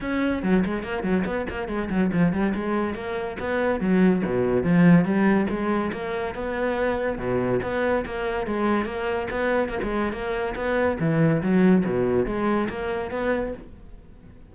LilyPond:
\new Staff \with { instrumentName = "cello" } { \time 4/4 \tempo 4 = 142 cis'4 fis8 gis8 ais8 fis8 b8 ais8 | gis8 fis8 f8 g8 gis4 ais4 | b4 fis4 b,4 f4 | g4 gis4 ais4 b4~ |
b4 b,4 b4 ais4 | gis4 ais4 b4 ais16 gis8. | ais4 b4 e4 fis4 | b,4 gis4 ais4 b4 | }